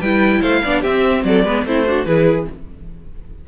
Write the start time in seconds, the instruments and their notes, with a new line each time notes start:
0.00 cello G3, viola E4, violin B4 G5
0.42 cello A3, violin C5 F5
0.63 cello B3, viola D4, violin D5
0.81 cello C4, viola C4, violin G4 E5
1.24 cello F#3, violin A4 D5
1.44 cello G#3, viola B3, violin B4
1.65 cello A3, viola C4, violin E4 C5
1.86 viola D4, violin F#4
2.05 cello E3, viola E4, violin G#4 B4